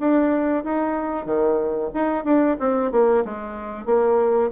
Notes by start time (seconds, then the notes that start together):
0.00 D4
0.64 D#4
1.26 D#3
1.94 D#4
2.24 D4
2.60 C4
2.92 A#3
3.25 G#3
3.86 A#3